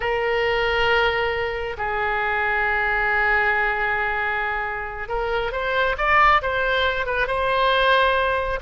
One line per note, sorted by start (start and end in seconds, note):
0.00 1.76 A#4
1.77 5.08 G#4
5.08 5.51 A#4
5.51 5.96 C5
5.97 6.41 D5
6.42 7.06 C5
7.06 7.27 B4
7.27 8.59 C5